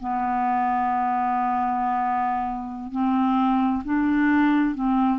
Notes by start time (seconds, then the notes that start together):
0.00 B3
2.92 C4
3.85 D4
4.75 C4